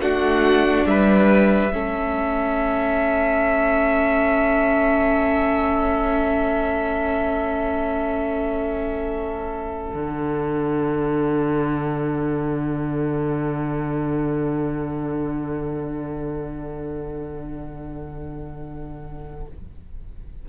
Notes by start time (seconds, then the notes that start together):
0.00 A3 D4 F#4 F#5
0.85 G3 B4 E5
1.69 A3 C#4 A4
9.92 D3 D4 F#5